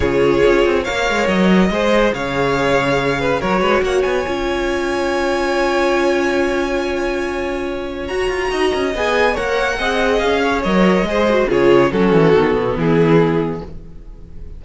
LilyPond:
<<
  \new Staff \with { instrumentName = "violin" } { \time 4/4 \tempo 4 = 141 cis''2 f''4 dis''4~ | dis''4 f''2. | cis''4 fis''8 gis''2~ gis''8~ | gis''1~ |
gis''2. ais''4~ | ais''4 gis''4 fis''2 | f''4 dis''2 cis''4 | a'2 gis'2 | }
  \new Staff \with { instrumentName = "violin" } { \time 4/4 gis'2 cis''2 | c''4 cis''2~ cis''8 b'8 | ais'8 b'8 cis''2.~ | cis''1~ |
cis''1 | dis''2 cis''4 dis''4~ | dis''8 cis''4. c''4 gis'4 | fis'2 e'2 | }
  \new Staff \with { instrumentName = "viola" } { \time 4/4 f'2 ais'2 | gis'1 | fis'2 f'2~ | f'1~ |
f'2. fis'4~ | fis'4 gis'4 ais'4 gis'4~ | gis'4 ais'4 gis'8 fis'8 f'4 | cis'4 b2. | }
  \new Staff \with { instrumentName = "cello" } { \time 4/4 cis4 cis'8 c'8 ais8 gis8 fis4 | gis4 cis2. | fis8 gis8 ais8 b8 cis'2~ | cis'1~ |
cis'2. fis'8 f'8 | dis'8 cis'8 b4 ais4 c'4 | cis'4 fis4 gis4 cis4 | fis8 e8 dis8 b,8 e2 | }
>>